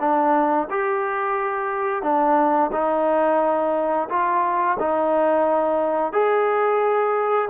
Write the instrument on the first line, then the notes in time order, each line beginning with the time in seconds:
trombone
0.00 D4
0.70 G4
2.03 D4
2.73 D#4
4.10 F4
4.80 D#4
6.13 G#4